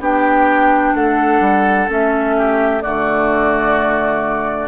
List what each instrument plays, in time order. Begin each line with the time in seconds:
0.00 bassoon B3, clarinet D4, oboe G4, flute G5
0.95 bassoon A3, oboe A4, flute F#5
1.40 bassoon G3
1.88 bassoon A3, clarinet C#4, flute E5
2.38 oboe G4
2.82 bassoon D3, clarinet A3, oboe F#4, flute D5